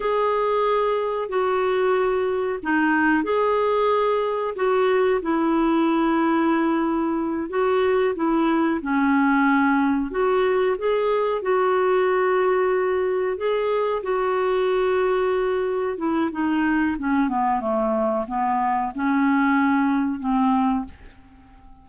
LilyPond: \new Staff \with { instrumentName = "clarinet" } { \time 4/4 \tempo 4 = 92 gis'2 fis'2 | dis'4 gis'2 fis'4 | e'2.~ e'8 fis'8~ | fis'8 e'4 cis'2 fis'8~ |
fis'8 gis'4 fis'2~ fis'8~ | fis'8 gis'4 fis'2~ fis'8~ | fis'8 e'8 dis'4 cis'8 b8 a4 | b4 cis'2 c'4 | }